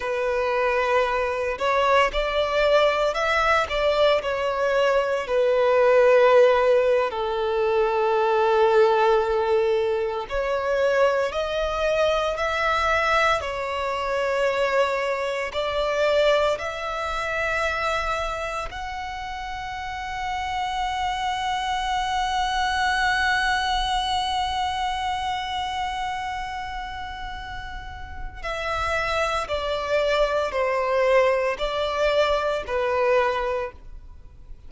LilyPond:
\new Staff \with { instrumentName = "violin" } { \time 4/4 \tempo 4 = 57 b'4. cis''8 d''4 e''8 d''8 | cis''4 b'4.~ b'16 a'4~ a'16~ | a'4.~ a'16 cis''4 dis''4 e''16~ | e''8. cis''2 d''4 e''16~ |
e''4.~ e''16 fis''2~ fis''16~ | fis''1~ | fis''2. e''4 | d''4 c''4 d''4 b'4 | }